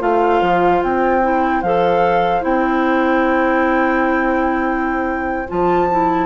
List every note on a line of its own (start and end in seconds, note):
0.00 0.42 A3
0.00 1.22 F4
0.00 6.27 C5
0.00 0.83 F5
0.42 0.82 F3
0.83 1.63 C4
0.83 1.62 G5
1.22 1.63 E4
1.62 2.44 F3
1.62 2.42 A4
1.62 2.44 F5
2.42 5.48 C4
2.42 5.46 E4
2.42 5.49 G5
5.48 6.27 F3
5.48 5.89 F4
5.48 6.27 A5
5.92 6.27 E4